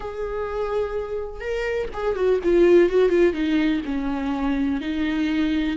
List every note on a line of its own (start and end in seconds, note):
0.00 1.40 G#4
1.40 1.88 A#4
1.93 2.15 G#4
2.15 2.39 F#4
2.43 2.89 F4
2.89 3.09 F#4
3.09 3.33 F4
3.33 3.81 D#4
3.85 4.80 C#4
4.80 5.76 D#4